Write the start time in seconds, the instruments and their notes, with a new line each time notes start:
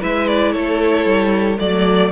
0.00 cello G#3, viola E4, violin B4 E5
0.28 violin D5
0.53 cello A3, violin A4 C#5
1.05 cello G3
1.58 cello F#3, viola A3, violin D5